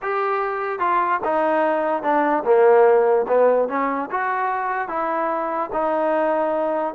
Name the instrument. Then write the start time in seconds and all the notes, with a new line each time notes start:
trombone
0.02 G4
0.79 F4
1.24 D#4
2.02 D4
2.44 A#3
3.28 B3
3.68 C#4
4.10 F#4
4.88 E4
5.72 D#4